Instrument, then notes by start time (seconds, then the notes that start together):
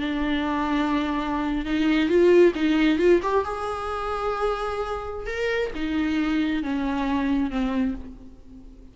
viola
0.00 D4
1.66 D#4
2.09 F4
2.55 D#4
2.99 F4
3.23 G4
3.45 G#4
5.27 A#4
5.75 D#4
6.63 C#4
7.51 C4